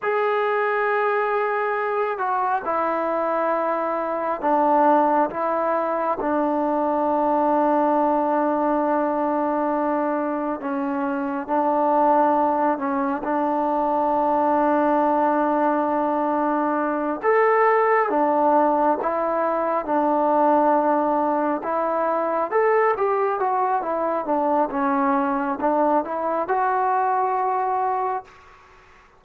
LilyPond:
\new Staff \with { instrumentName = "trombone" } { \time 4/4 \tempo 4 = 68 gis'2~ gis'8 fis'8 e'4~ | e'4 d'4 e'4 d'4~ | d'1 | cis'4 d'4. cis'8 d'4~ |
d'2.~ d'8 a'8~ | a'8 d'4 e'4 d'4.~ | d'8 e'4 a'8 g'8 fis'8 e'8 d'8 | cis'4 d'8 e'8 fis'2 | }